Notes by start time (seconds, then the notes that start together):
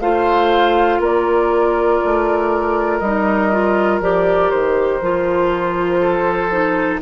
0.00 A3 F4 C5 F5
0.99 A#3 A#4 D5
2.04 A3
2.99 G3 D#4 D#5
3.52 F4
4.00 F3 G4 D5
4.50 D#3 C5
5.01 F3 F4
6.01 A4
6.51 D#4